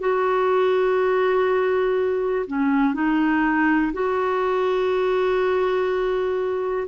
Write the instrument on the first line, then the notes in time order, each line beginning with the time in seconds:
clarinet
0.00 F#4
2.47 C#4
2.94 D#4
3.93 F#4